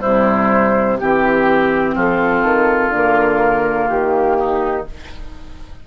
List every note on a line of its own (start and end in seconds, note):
0.00 1.01 C3
0.00 0.97 G3
0.00 0.97 E4
0.00 0.98 C5
0.98 1.95 E3
0.98 2.92 C4
0.98 1.95 G4
1.95 2.43 F3
1.95 4.37 F4
1.95 2.95 A4
2.43 2.89 D#3
2.89 3.86 D3
2.89 4.86 A#3
2.95 3.89 A#4
3.89 4.86 D#3
3.89 4.85 G4
4.39 4.87 D#4